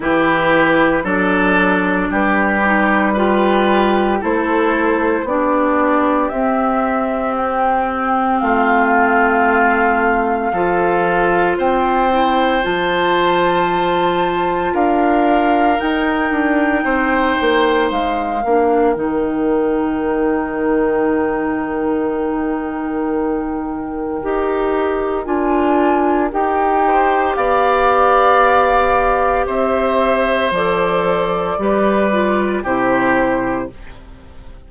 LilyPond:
<<
  \new Staff \with { instrumentName = "flute" } { \time 4/4 \tempo 4 = 57 b'4 d''4 b'4 g'4 | c''4 d''4 e''4 g''4 | f''2. g''4 | a''2 f''4 g''4~ |
g''4 f''4 g''2~ | g''1 | gis''4 g''4 f''2 | e''4 d''2 c''4 | }
  \new Staff \with { instrumentName = "oboe" } { \time 4/4 g'4 a'4 g'4 b'4 | a'4 g'2. | f'2 a'4 c''4~ | c''2 ais'2 |
c''4. ais'2~ ais'8~ | ais'1~ | ais'4. c''8 d''2 | c''2 b'4 g'4 | }
  \new Staff \with { instrumentName = "clarinet" } { \time 4/4 e'4 d'4. dis'8 f'4 | e'4 d'4 c'2~ | c'2 f'4. e'8 | f'2. dis'4~ |
dis'4. d'8 dis'2~ | dis'2. g'4 | f'4 g'2.~ | g'4 a'4 g'8 f'8 e'4 | }
  \new Staff \with { instrumentName = "bassoon" } { \time 4/4 e4 fis4 g2 | a4 b4 c'2 | a2 f4 c'4 | f2 d'4 dis'8 d'8 |
c'8 ais8 gis8 ais8 dis2~ | dis2. dis'4 | d'4 dis'4 b2 | c'4 f4 g4 c4 | }
>>